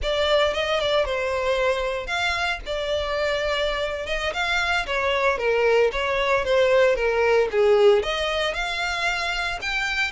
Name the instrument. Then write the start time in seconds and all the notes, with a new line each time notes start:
violin
0.02 D5
0.53 D#5
0.79 D5
1.05 C5
2.06 F5
2.66 D5
4.06 D#5
4.33 F5
4.86 C#5
5.38 A#4
5.92 C#5
6.44 C5
6.95 A#4
7.51 G#4
8.03 D#5
8.54 F5
9.61 G5